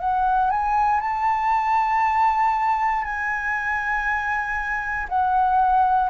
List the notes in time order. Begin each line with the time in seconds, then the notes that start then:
0.00 F#5
0.51 G#5
1.01 A5
3.05 G#5
5.09 F#5